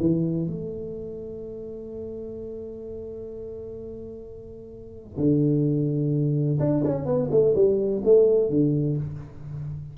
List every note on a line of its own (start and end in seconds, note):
0.00 0.47 E3
0.47 5.17 A3
5.17 6.59 D3
6.59 6.83 D4
6.85 7.06 C#4
7.06 7.29 B3
7.31 7.54 A3
7.55 8.02 G3
8.04 8.49 A3
8.49 8.97 D3